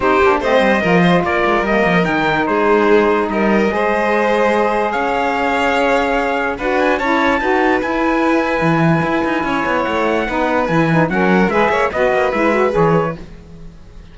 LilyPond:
<<
  \new Staff \with { instrumentName = "trumpet" } { \time 4/4 \tempo 4 = 146 c''4 dis''2 d''4 | dis''4 g''4 c''2 | dis''1 | f''1 |
fis''8 gis''8 a''2 gis''4~ | gis''1 | fis''2 gis''4 fis''4 | e''4 dis''4 e''4 cis''4 | }
  \new Staff \with { instrumentName = "violin" } { \time 4/4 g'4 c''4 ais'8 c''8 ais'4~ | ais'2 gis'2 | ais'4 c''2. | cis''1 |
b'4 cis''4 b'2~ | b'2. cis''4~ | cis''4 b'2 ais'4 | b'8 cis''8 b'2. | }
  \new Staff \with { instrumentName = "saxophone" } { \time 4/4 dis'8 d'8 c'4 f'2 | ais4 dis'2.~ | dis'4 gis'2.~ | gis'1 |
fis'4 e'4 fis'4 e'4~ | e'1~ | e'4 dis'4 e'8 dis'8 cis'4 | gis'4 fis'4 e'8 fis'8 gis'4 | }
  \new Staff \with { instrumentName = "cello" } { \time 4/4 c'8 ais8 a8 g8 f4 ais8 gis8 | g8 f8 dis4 gis2 | g4 gis2. | cis'1 |
d'4 cis'4 dis'4 e'4~ | e'4 e4 e'8 dis'8 cis'8 b8 | a4 b4 e4 fis4 | gis8 ais8 b8 ais8 gis4 e4 | }
>>